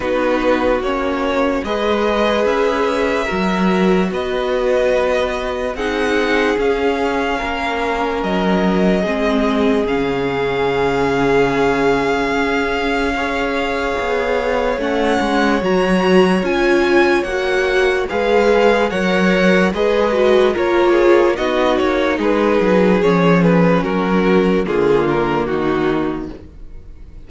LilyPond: <<
  \new Staff \with { instrumentName = "violin" } { \time 4/4 \tempo 4 = 73 b'4 cis''4 dis''4 e''4~ | e''4 dis''2 fis''4 | f''2 dis''2 | f''1~ |
f''2 fis''4 ais''4 | gis''4 fis''4 f''4 fis''4 | dis''4 cis''4 dis''8 cis''8 b'4 | cis''8 b'8 ais'4 gis'8 ais'8 fis'4 | }
  \new Staff \with { instrumentName = "violin" } { \time 4/4 fis'2 b'2 | ais'4 b'2 gis'4~ | gis'4 ais'2 gis'4~ | gis'1 |
cis''1~ | cis''2 b'4 cis''4 | b'4 ais'8 gis'8 fis'4 gis'4~ | gis'4 fis'4 f'4 dis'4 | }
  \new Staff \with { instrumentName = "viola" } { \time 4/4 dis'4 cis'4 gis'2 | fis'2. dis'4 | cis'2. c'4 | cis'1 |
gis'2 cis'4 fis'4 | f'4 fis'4 gis'4 ais'4 | gis'8 fis'8 f'4 dis'2 | cis'2 ais2 | }
  \new Staff \with { instrumentName = "cello" } { \time 4/4 b4 ais4 gis4 cis'4 | fis4 b2 c'4 | cis'4 ais4 fis4 gis4 | cis2. cis'4~ |
cis'4 b4 a8 gis8 fis4 | cis'4 ais4 gis4 fis4 | gis4 ais4 b8 ais8 gis8 fis8 | f4 fis4 d4 dis4 | }
>>